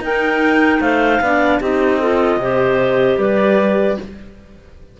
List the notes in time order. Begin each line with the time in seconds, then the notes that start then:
0.00 D#4 A#4 G5
0.81 A3 C5 F5
1.20 B3 D4 D5
1.60 C4 D#4 G4 D#5
1.99 F4 A4
2.37 C3 G4 C5
3.18 G3 B4 D5